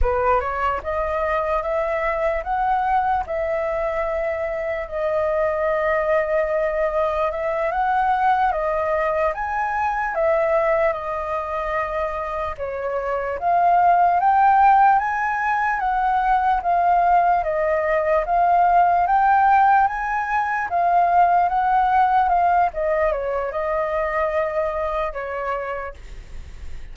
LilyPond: \new Staff \with { instrumentName = "flute" } { \time 4/4 \tempo 4 = 74 b'8 cis''8 dis''4 e''4 fis''4 | e''2 dis''2~ | dis''4 e''8 fis''4 dis''4 gis''8~ | gis''8 e''4 dis''2 cis''8~ |
cis''8 f''4 g''4 gis''4 fis''8~ | fis''8 f''4 dis''4 f''4 g''8~ | g''8 gis''4 f''4 fis''4 f''8 | dis''8 cis''8 dis''2 cis''4 | }